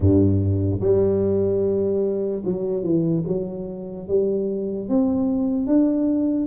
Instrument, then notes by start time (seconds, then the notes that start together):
tuba
0.00 G2
0.80 G3
2.44 F#3
2.83 E3
3.27 F#3
4.08 G3
4.89 C4
5.66 D4